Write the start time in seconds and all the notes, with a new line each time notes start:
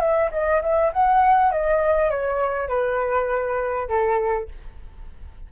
0.00 E5
0.31 D#5
0.62 E5
0.93 F#5
1.51 D#5
2.10 C#5
2.68 B4
3.88 A4